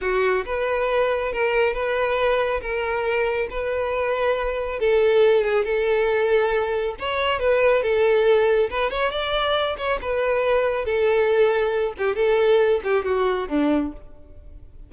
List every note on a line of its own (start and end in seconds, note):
0.01 0.44 F#4
0.45 1.32 B4
1.32 1.73 A#4
1.73 2.60 B4
2.61 3.48 A#4
3.50 4.79 B4
4.79 5.44 A4
5.44 5.65 G#4
5.65 6.95 A4
6.99 7.39 C#5
7.39 7.82 B4
7.82 8.69 A4
8.70 8.90 B4
8.90 9.11 C#5
9.11 9.76 D5
9.77 9.99 C#5
10.01 10.85 B4
10.85 11.93 A4
11.98 12.15 G4
12.15 12.80 A4
12.83 13.04 G4
13.04 13.48 F#4
13.48 13.92 D4